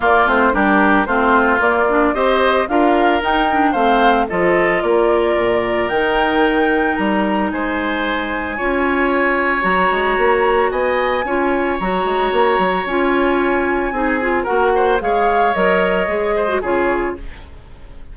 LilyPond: <<
  \new Staff \with { instrumentName = "flute" } { \time 4/4 \tempo 4 = 112 d''8 c''8 ais'4 c''4 d''4 | dis''4 f''4 g''4 f''4 | dis''4 d''2 g''4~ | g''4 ais''4 gis''2~ |
gis''2 ais''2 | gis''2 ais''2 | gis''2. fis''4 | f''4 dis''2 cis''4 | }
  \new Staff \with { instrumentName = "oboe" } { \time 4/4 f'4 g'4 f'2 | c''4 ais'2 c''4 | a'4 ais'2.~ | ais'2 c''2 |
cis''1 | dis''4 cis''2.~ | cis''2 gis'4 ais'8 c''8 | cis''2~ cis''8 c''8 gis'4 | }
  \new Staff \with { instrumentName = "clarinet" } { \time 4/4 ais8 c'8 d'4 c'4 ais8 d'8 | g'4 f'4 dis'8 d'8 c'4 | f'2. dis'4~ | dis'1 |
f'2 fis'2~ | fis'4 f'4 fis'2 | f'2 dis'8 f'8 fis'4 | gis'4 ais'4 gis'8. fis'16 f'4 | }
  \new Staff \with { instrumentName = "bassoon" } { \time 4/4 ais8 a8 g4 a4 ais4 | c'4 d'4 dis'4 a4 | f4 ais4 ais,4 dis4~ | dis4 g4 gis2 |
cis'2 fis8 gis8 ais4 | b4 cis'4 fis8 gis8 ais8 fis8 | cis'2 c'4 ais4 | gis4 fis4 gis4 cis4 | }
>>